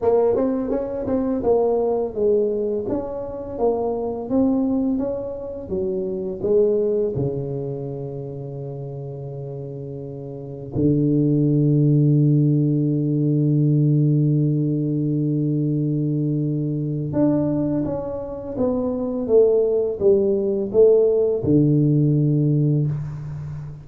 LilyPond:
\new Staff \with { instrumentName = "tuba" } { \time 4/4 \tempo 4 = 84 ais8 c'8 cis'8 c'8 ais4 gis4 | cis'4 ais4 c'4 cis'4 | fis4 gis4 cis2~ | cis2. d4~ |
d1~ | d1 | d'4 cis'4 b4 a4 | g4 a4 d2 | }